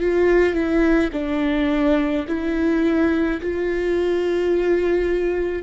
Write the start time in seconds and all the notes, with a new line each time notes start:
0.00 F4
0.53 E4
1.12 D4
2.28 E4
3.42 F4